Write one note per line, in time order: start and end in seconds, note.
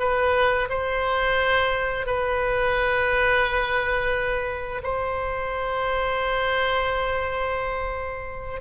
0.00 0.69 B4
0.70 2.07 C5
2.07 4.82 B4
4.83 8.61 C5